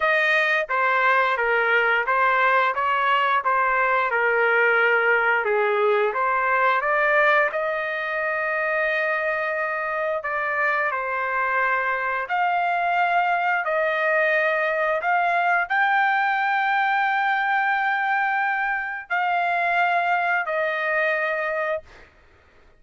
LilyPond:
\new Staff \with { instrumentName = "trumpet" } { \time 4/4 \tempo 4 = 88 dis''4 c''4 ais'4 c''4 | cis''4 c''4 ais'2 | gis'4 c''4 d''4 dis''4~ | dis''2. d''4 |
c''2 f''2 | dis''2 f''4 g''4~ | g''1 | f''2 dis''2 | }